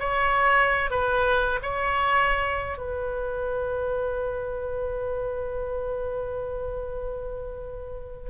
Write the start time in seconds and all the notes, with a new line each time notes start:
0.00 C#5
0.91 B4
1.62 C#5
2.78 B4